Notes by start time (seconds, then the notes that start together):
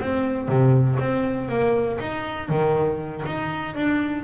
0.00 C4
0.48 C3
0.99 C4
1.49 A#3
2.00 D#4
2.49 D#3
3.26 D#4
3.75 D4